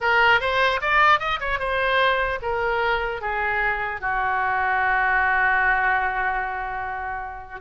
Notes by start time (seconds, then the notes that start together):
0.00 A#4
0.40 C5
0.81 D5
1.19 D#5
1.40 C#5
1.59 C5
2.42 A#4
3.21 G#4
4.00 F#4